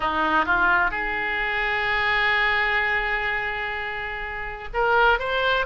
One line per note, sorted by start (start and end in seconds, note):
0.00 0.45 D#4
0.45 0.90 F4
0.90 4.68 G#4
4.73 5.19 A#4
5.19 5.66 C5